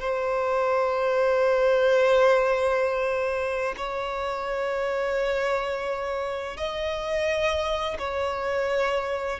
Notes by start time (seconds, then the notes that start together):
0.00 C5
3.77 C#5
6.57 D#5
7.99 C#5